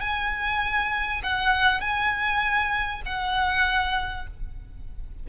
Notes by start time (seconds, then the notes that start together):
0.00 G#5
1.23 F#5
1.80 G#5
3.05 F#5